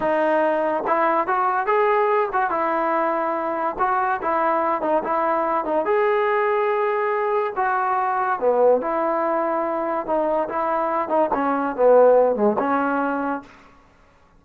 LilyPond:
\new Staff \with { instrumentName = "trombone" } { \time 4/4 \tempo 4 = 143 dis'2 e'4 fis'4 | gis'4. fis'8 e'2~ | e'4 fis'4 e'4. dis'8 | e'4. dis'8 gis'2~ |
gis'2 fis'2 | b4 e'2. | dis'4 e'4. dis'8 cis'4 | b4. gis8 cis'2 | }